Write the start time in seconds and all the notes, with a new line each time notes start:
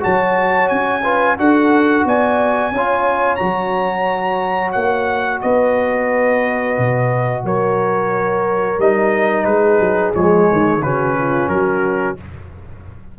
0.00 F#3 F#4 C#5 A5
0.68 C#4 G#5
1.03 F4 B4
1.37 D4 F#4 A4 F#5
2.05 B3 D5 G#5
2.71 C#4 F4 C#5
3.35 F#3 F#4 A#5
4.71 A#3 F#5
5.41 B3 B4 D#5
6.78 B2
7.44 F#3 A#4 C#5
8.79 G3 D#4 D#5
9.44 G#3 G#4 B4
9.79 F#3
10.14 F3 G#3 C#5
10.51 D#3
10.81 C#3 C#4 F#4 B4
11.18 F4
11.48 F#3 F#4 A#4